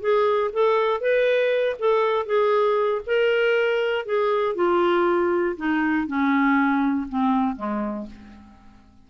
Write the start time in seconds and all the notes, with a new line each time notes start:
0.00 G#4
0.52 A4
1.00 B4
1.79 A4
2.26 G#4
3.06 A#4
4.05 G#4
4.55 F4
5.56 D#4
6.07 C#4
7.08 C4
7.55 G#3